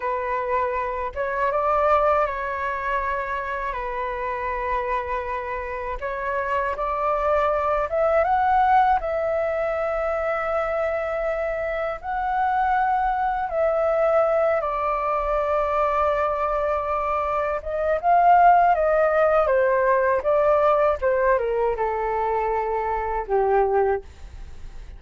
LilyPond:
\new Staff \with { instrumentName = "flute" } { \time 4/4 \tempo 4 = 80 b'4. cis''8 d''4 cis''4~ | cis''4 b'2. | cis''4 d''4. e''8 fis''4 | e''1 |
fis''2 e''4. d''8~ | d''2.~ d''8 dis''8 | f''4 dis''4 c''4 d''4 | c''8 ais'8 a'2 g'4 | }